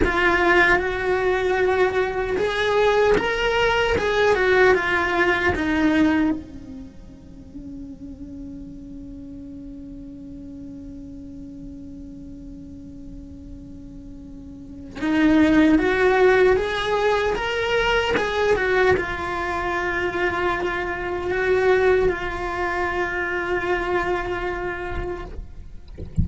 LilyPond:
\new Staff \with { instrumentName = "cello" } { \time 4/4 \tempo 4 = 76 f'4 fis'2 gis'4 | ais'4 gis'8 fis'8 f'4 dis'4 | cis'1~ | cis'1~ |
cis'2. dis'4 | fis'4 gis'4 ais'4 gis'8 fis'8 | f'2. fis'4 | f'1 | }